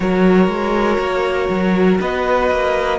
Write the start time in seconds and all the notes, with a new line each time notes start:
0.00 F#3 F#4 A#4 C#5
0.47 G#3
0.99 A#3
1.49 F#3
2.00 B3 B4 D#5
2.50 A#3